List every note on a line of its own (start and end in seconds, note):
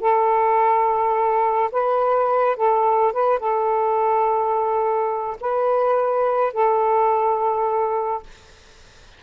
0.00 1.70 A4
1.71 2.56 B4
2.56 3.12 A4
3.12 3.39 B4
3.39 5.37 A4
5.40 6.52 B4
6.52 8.22 A4